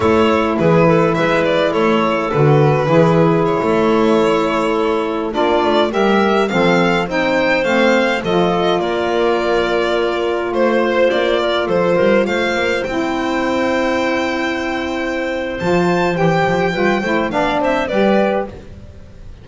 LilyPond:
<<
  \new Staff \with { instrumentName = "violin" } { \time 4/4 \tempo 4 = 104 cis''4 b'4 e''8 d''8 cis''4 | b'2 cis''2~ | cis''4~ cis''16 d''4 e''4 f''8.~ | f''16 g''4 f''4 dis''4 d''8.~ |
d''2~ d''16 c''4 d''8.~ | d''16 c''4 f''4 g''4.~ g''16~ | g''2. a''4 | g''2 f''8 e''8 d''4 | }
  \new Staff \with { instrumentName = "clarinet" } { \time 4/4 a'4 gis'8 a'8 b'4 a'4~ | a'4 gis'4~ gis'16 a'4.~ a'16~ | a'4~ a'16 f'4 ais'4 a'8.~ | a'16 c''2 a'4 ais'8.~ |
ais'2~ ais'16 c''4. ais'16~ | ais'16 a'8 ais'8 c''2~ c''8.~ | c''1~ | c''4 b'8 c''8 d''8 c''8 b'4 | }
  \new Staff \with { instrumentName = "saxophone" } { \time 4/4 e'1 | fis'4 e'2.~ | e'4~ e'16 d'4 g'4 c'8.~ | c'16 dis'4 c'4 f'4.~ f'16~ |
f'1~ | f'2~ f'16 e'4.~ e'16~ | e'2. f'4 | g'4 f'8 e'8 d'4 g'4 | }
  \new Staff \with { instrumentName = "double bass" } { \time 4/4 a4 e4 gis4 a4 | d4 e4~ e16 a4.~ a16~ | a4~ a16 ais8 a8 g4 f8.~ | f16 c'4 a4 f4 ais8.~ |
ais2~ ais16 a4 ais8.~ | ais16 f8 g8 a8 ais8 c'4.~ c'16~ | c'2. f4 | e8 f8 g8 a8 b8 c'8 g4 | }
>>